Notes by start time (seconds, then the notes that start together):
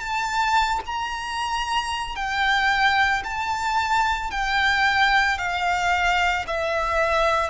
0.00 A5
0.86 A#5
2.16 G5
3.24 A5
4.31 G5
5.38 F5
6.47 E5